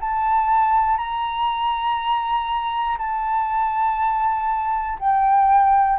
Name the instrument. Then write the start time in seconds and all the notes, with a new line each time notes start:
flute
0.00 A5
0.97 A#5
2.98 A5
4.99 G5